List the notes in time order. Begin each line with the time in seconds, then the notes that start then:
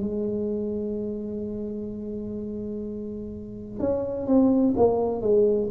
0.00 G#3
3.79 C#4
4.26 C4
4.77 A#3
5.21 G#3